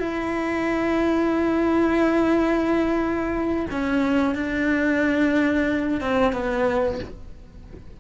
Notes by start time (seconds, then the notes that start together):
0.00 E4
3.71 C#4
4.35 D4
6.01 C4
6.33 B3